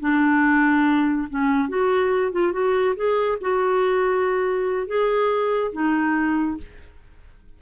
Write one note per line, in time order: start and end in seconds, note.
0.00 1.28 D4
1.30 1.68 C#4
1.68 2.32 F#4
2.32 2.52 F4
2.52 2.95 F#4
2.96 3.38 G#4
3.41 4.87 F#4
4.87 5.72 G#4
5.72 6.57 D#4